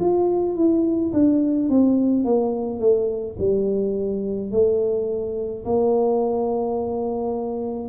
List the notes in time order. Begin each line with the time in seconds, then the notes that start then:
0.00 F4
0.56 E4
1.13 D4
1.69 C4
2.24 A#3
2.79 A3
3.39 G3
4.51 A3
5.64 A#3